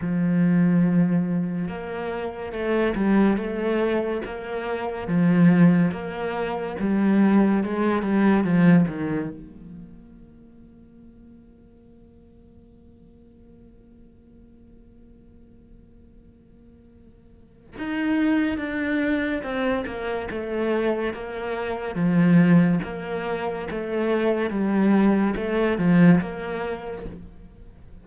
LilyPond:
\new Staff \with { instrumentName = "cello" } { \time 4/4 \tempo 4 = 71 f2 ais4 a8 g8 | a4 ais4 f4 ais4 | g4 gis8 g8 f8 dis8 ais4~ | ais1~ |
ais1~ | ais4 dis'4 d'4 c'8 ais8 | a4 ais4 f4 ais4 | a4 g4 a8 f8 ais4 | }